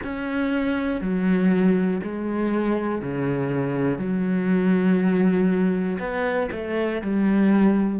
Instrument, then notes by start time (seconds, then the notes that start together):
cello
0.03 C#4
1.00 F#3
2.02 G#3
3.01 C#3
3.98 F#3
5.99 B3
6.51 A3
7.01 G3